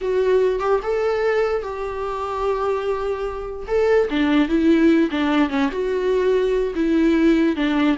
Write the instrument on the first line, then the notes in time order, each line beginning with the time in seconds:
viola
0.01 F#4
0.59 G4
0.82 A4
1.62 G4
3.67 A4
4.10 D4
4.48 E4
5.11 D4
5.49 C#4
5.71 F#4
6.75 E4
7.56 D4